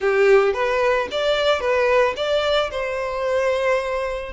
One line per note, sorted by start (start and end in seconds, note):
0.00 0.53 G4
0.53 1.07 B4
1.11 1.60 D5
1.60 2.14 B4
2.16 2.70 D5
2.70 4.32 C5